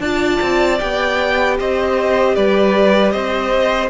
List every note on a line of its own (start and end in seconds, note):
0.00 0.39 D4
0.00 0.78 F4
0.00 1.57 D5
0.00 0.79 A5
0.41 0.80 C4
0.78 1.60 B3
0.78 3.89 G4
0.78 1.57 G5
1.59 2.36 C4
1.59 2.36 C5
1.59 2.36 D#5
2.36 3.14 G3
2.36 3.12 B4
2.36 3.11 D5
3.11 3.90 C4
3.11 3.90 C5
3.11 3.89 D#5